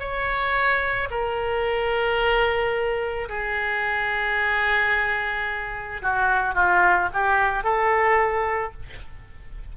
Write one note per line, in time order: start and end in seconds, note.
0.00 1.09 C#5
1.11 3.29 A#4
3.29 6.02 G#4
6.02 6.55 F#4
6.55 7.09 F4
7.14 7.64 G4
7.64 8.73 A4